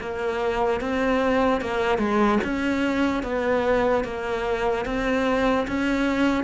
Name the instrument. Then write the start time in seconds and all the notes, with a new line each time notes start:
cello
0.00 A#3
0.80 C4
1.61 A#3
1.98 G#3
2.44 C#4
3.23 B3
4.04 A#3
4.85 C4
5.67 C#4